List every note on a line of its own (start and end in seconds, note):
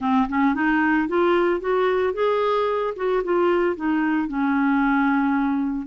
0.00 0.27 C4
0.28 0.54 C#4
0.54 1.07 D#4
1.07 1.60 F4
1.60 2.13 F#4
2.13 2.93 G#4
2.96 3.23 F#4
3.23 3.75 F4
3.75 4.28 D#4
4.28 5.87 C#4